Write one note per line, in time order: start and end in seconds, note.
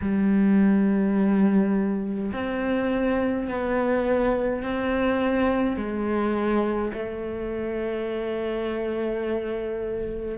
0.01 2.31 G3
2.32 3.48 C4
3.48 4.63 B3
4.63 5.76 C4
5.76 6.92 G#3
6.93 10.37 A3